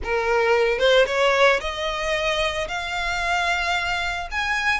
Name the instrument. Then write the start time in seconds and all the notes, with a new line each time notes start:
violin
0.03 A#4
0.78 C5
1.06 C#5
1.60 D#5
2.67 F5
4.31 G#5